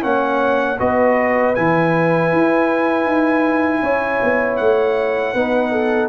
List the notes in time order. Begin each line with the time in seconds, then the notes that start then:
0.00 A#3 C#4 C#5 F#5
0.78 B3 F#4 B4 D#5
1.55 E3 E4 G#5
2.32 E4
3.05 D#4
3.82 C#4 C#5
4.22 B3
4.56 A3 F#5
5.34 B3 D#4 B4
5.71 A4